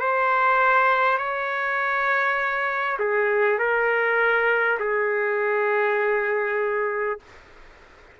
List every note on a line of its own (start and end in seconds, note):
0.00 1.18 C5
1.18 2.98 C#5
2.99 3.58 G#4
3.58 4.78 A#4
4.79 7.19 G#4